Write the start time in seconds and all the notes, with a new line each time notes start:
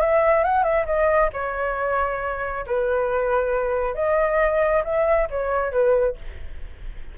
0.00 E5
0.44 F#5
0.63 E5
0.86 D#5
1.33 C#5
2.67 B4
3.94 D#5
4.84 E5
5.30 C#5
5.72 B4